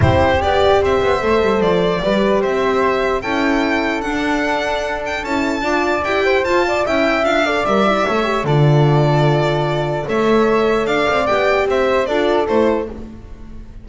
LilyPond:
<<
  \new Staff \with { instrumentName = "violin" } { \time 4/4 \tempo 4 = 149 c''4 d''4 e''2 | d''2 e''2 | g''2 fis''2~ | fis''8 g''8 a''2 g''4 |
a''4 g''4 f''4 e''4~ | e''4 d''2.~ | d''4 e''2 f''4 | g''4 e''4 d''4 c''4 | }
  \new Staff \with { instrumentName = "flute" } { \time 4/4 g'2 c''2~ | c''4 b'4 c''2 | a'1~ | a'2 d''4. c''8~ |
c''8 d''8 e''4. d''4. | cis''4 a'2.~ | a'4 cis''2 d''4~ | d''4 c''4 a'2 | }
  \new Staff \with { instrumentName = "horn" } { \time 4/4 e'4 g'2 a'4~ | a'4 g'2. | e'2 d'2~ | d'4 e'4 f'4 g'4 |
f'4 e'4 f'8 a'8 ais'8 e'8 | a'8 g'8 f'2.~ | f'4 a'2. | g'2 f'4 e'4 | }
  \new Staff \with { instrumentName = "double bass" } { \time 4/4 c'4 b4 c'8 b8 a8 g8 | f4 g4 c'2 | cis'2 d'2~ | d'4 cis'4 d'4 e'4 |
f'4 cis'4 d'4 g4 | a4 d2.~ | d4 a2 d'8 c'8 | b4 c'4 d'4 a4 | }
>>